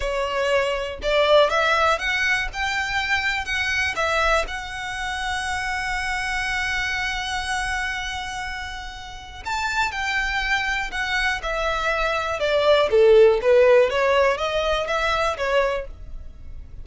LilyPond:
\new Staff \with { instrumentName = "violin" } { \time 4/4 \tempo 4 = 121 cis''2 d''4 e''4 | fis''4 g''2 fis''4 | e''4 fis''2.~ | fis''1~ |
fis''2. a''4 | g''2 fis''4 e''4~ | e''4 d''4 a'4 b'4 | cis''4 dis''4 e''4 cis''4 | }